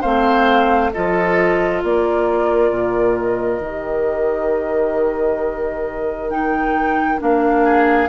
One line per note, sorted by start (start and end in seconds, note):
0.00 0.93 A3
0.00 0.92 C4
0.00 0.90 C5
0.00 0.91 F5
0.92 1.83 F3
0.92 3.62 F4
0.92 1.83 A4
0.92 1.82 D#5
1.83 2.70 A#3
1.83 7.63 A#4
1.83 3.17 D5
2.70 3.60 A#2
3.17 6.29 D#5
3.60 7.18 D#3
3.60 6.30 G4
6.29 7.18 D#4
6.29 7.19 G5
7.18 8.08 A#3
7.18 8.08 D4
7.18 8.08 F5
7.63 8.08 G#4